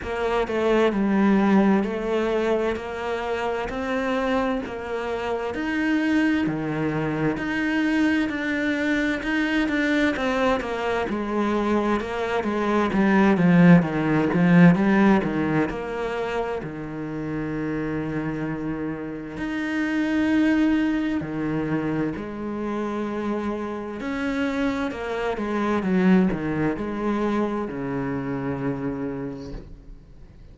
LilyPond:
\new Staff \with { instrumentName = "cello" } { \time 4/4 \tempo 4 = 65 ais8 a8 g4 a4 ais4 | c'4 ais4 dis'4 dis4 | dis'4 d'4 dis'8 d'8 c'8 ais8 | gis4 ais8 gis8 g8 f8 dis8 f8 |
g8 dis8 ais4 dis2~ | dis4 dis'2 dis4 | gis2 cis'4 ais8 gis8 | fis8 dis8 gis4 cis2 | }